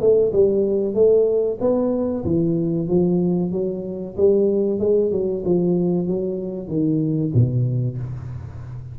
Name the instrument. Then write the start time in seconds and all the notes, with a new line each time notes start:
tuba
0.00 A3
0.32 G3
0.94 A3
1.60 B3
2.24 E3
2.88 F3
3.51 F#3
4.17 G3
4.79 G#3
5.11 F#3
5.45 F3
6.07 F#3
6.68 D#3
7.34 B2